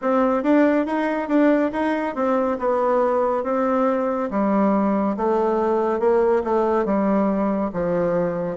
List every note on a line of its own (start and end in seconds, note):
0.01 0.43 C4
0.43 0.86 D4
0.86 1.28 D#4
1.28 1.71 D4
1.72 2.15 D#4
2.15 2.58 C4
2.58 3.43 B3
3.43 4.29 C4
4.31 5.16 G3
5.17 5.99 A3
5.99 6.42 A#3
6.44 6.85 A3
6.85 7.71 G3
7.73 8.57 F3